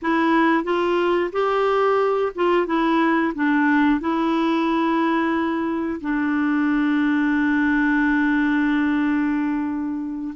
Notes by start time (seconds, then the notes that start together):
0.02 E4
0.64 F4
1.32 G4
2.35 F4
2.66 E4
3.35 D4
4.00 E4
6.01 D4